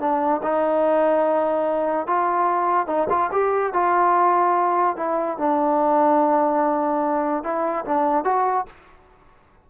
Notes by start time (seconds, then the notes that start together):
0.00 D4
0.43 D#4
2.07 F4
2.87 D#4
3.10 F4
3.32 G4
3.73 F4
4.97 E4
5.38 D4
7.44 E4
7.85 D4
8.25 F#4